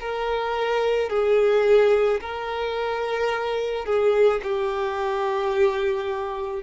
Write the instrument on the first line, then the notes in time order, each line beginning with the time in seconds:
violin
0.00 A#4
1.09 G#4
2.20 A#4
3.85 G#4
4.43 G4